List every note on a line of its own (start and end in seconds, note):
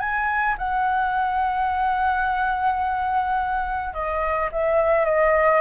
0.00 0.56 G#5
0.58 3.94 F#5
3.94 4.50 D#5
4.53 5.05 E5
5.05 5.62 D#5